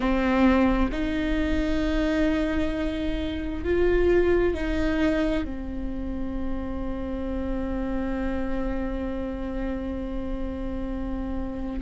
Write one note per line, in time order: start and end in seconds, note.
0.00 0.90 C4
0.91 3.64 D#4
3.64 4.54 F4
4.54 5.44 D#4
5.44 11.80 C4